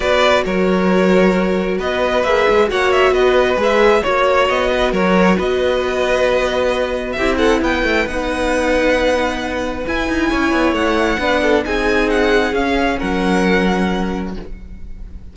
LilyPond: <<
  \new Staff \with { instrumentName = "violin" } { \time 4/4 \tempo 4 = 134 d''4 cis''2. | dis''4 e''4 fis''8 e''8 dis''4 | e''4 cis''4 dis''4 cis''4 | dis''1 |
e''8 fis''8 g''4 fis''2~ | fis''2 gis''2 | fis''2 gis''4 fis''4 | f''4 fis''2. | }
  \new Staff \with { instrumentName = "violin" } { \time 4/4 b'4 ais'2. | b'2 cis''4 b'4~ | b'4 cis''4. b'8 ais'4 | b'1 |
g'8 a'8 b'2.~ | b'2. cis''4~ | cis''4 b'8 a'8 gis'2~ | gis'4 ais'2. | }
  \new Staff \with { instrumentName = "viola" } { \time 4/4 fis'1~ | fis'4 gis'4 fis'2 | gis'4 fis'2.~ | fis'1 |
e'2 dis'2~ | dis'2 e'2~ | e'4 d'4 dis'2 | cis'1 | }
  \new Staff \with { instrumentName = "cello" } { \time 4/4 b4 fis2. | b4 ais8 gis8 ais4 b4 | gis4 ais4 b4 fis4 | b1 |
c'4 b8 a8 b2~ | b2 e'8 dis'8 cis'8 b8 | a4 b4 c'2 | cis'4 fis2. | }
>>